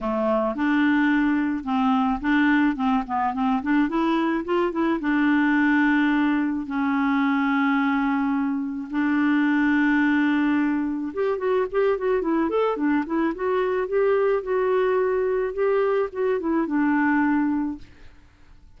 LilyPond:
\new Staff \with { instrumentName = "clarinet" } { \time 4/4 \tempo 4 = 108 a4 d'2 c'4 | d'4 c'8 b8 c'8 d'8 e'4 | f'8 e'8 d'2. | cis'1 |
d'1 | g'8 fis'8 g'8 fis'8 e'8 a'8 d'8 e'8 | fis'4 g'4 fis'2 | g'4 fis'8 e'8 d'2 | }